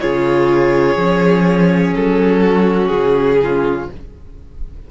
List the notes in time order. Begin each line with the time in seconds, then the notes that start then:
0.00 C#3 F4 G#4 C#5
0.96 F3 C#4
1.95 F#3 A4
2.40 F#4
2.87 C#3 G#4
3.43 F4